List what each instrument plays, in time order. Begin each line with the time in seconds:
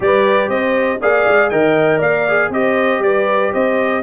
0.00 tuba G3, trombone G4, horn B4, trumpet D5
0.48 tuba C4, horn C5, trumpet D#5
1.01 tuba A#3, trombone G#4, horn D5, trumpet F5
1.27 tuba G#3
1.49 tuba D#3, trombone A#4, horn D#5, trumpet G5
1.98 tuba A#3, horn D5, trumpet F5
2.28 trombone G#4
2.49 tuba C4, trombone G4, horn C5, trumpet D#5
2.99 tuba G3, horn B4, trumpet D5
3.53 tuba C4, horn C5, trumpet D#5